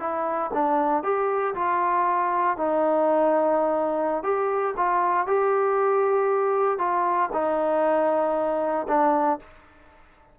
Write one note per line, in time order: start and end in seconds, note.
0.00 0.51 E4
0.54 1.03 D4
1.03 1.55 G4
1.55 2.58 F4
2.58 4.24 D#4
4.24 4.75 G4
4.77 5.27 F4
5.27 6.79 G4
6.79 7.30 F4
7.33 8.87 D#4
8.88 9.40 D4